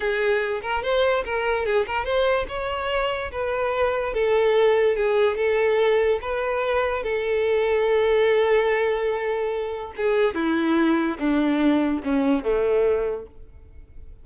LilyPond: \new Staff \with { instrumentName = "violin" } { \time 4/4 \tempo 4 = 145 gis'4. ais'8 c''4 ais'4 | gis'8 ais'8 c''4 cis''2 | b'2 a'2 | gis'4 a'2 b'4~ |
b'4 a'2.~ | a'1 | gis'4 e'2 d'4~ | d'4 cis'4 a2 | }